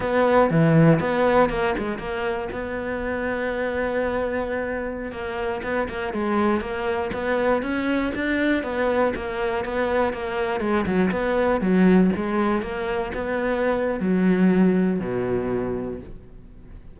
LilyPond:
\new Staff \with { instrumentName = "cello" } { \time 4/4 \tempo 4 = 120 b4 e4 b4 ais8 gis8 | ais4 b2.~ | b2~ b16 ais4 b8 ais16~ | ais16 gis4 ais4 b4 cis'8.~ |
cis'16 d'4 b4 ais4 b8.~ | b16 ais4 gis8 fis8 b4 fis8.~ | fis16 gis4 ais4 b4.~ b16 | fis2 b,2 | }